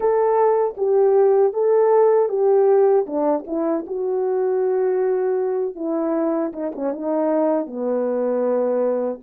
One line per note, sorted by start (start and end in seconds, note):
0.00 0.75 A4
0.77 1.53 G4
1.53 2.28 A4
2.28 3.05 G4
3.06 3.44 D4
3.47 3.85 E4
3.87 5.75 F#4
5.75 6.52 E4
6.52 6.72 D#4
6.75 6.92 C#4
6.92 7.66 D#4
7.66 9.20 B3